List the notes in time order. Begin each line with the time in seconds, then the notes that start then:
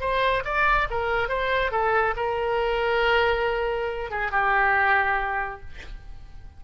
0.00 C5
0.44 D5
0.90 A#4
1.28 C5
1.71 A4
2.16 A#4
4.10 G#4
4.31 G4